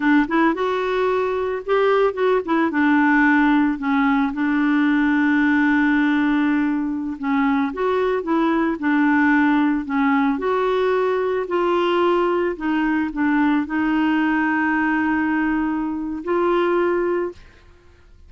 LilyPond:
\new Staff \with { instrumentName = "clarinet" } { \time 4/4 \tempo 4 = 111 d'8 e'8 fis'2 g'4 | fis'8 e'8 d'2 cis'4 | d'1~ | d'4~ d'16 cis'4 fis'4 e'8.~ |
e'16 d'2 cis'4 fis'8.~ | fis'4~ fis'16 f'2 dis'8.~ | dis'16 d'4 dis'2~ dis'8.~ | dis'2 f'2 | }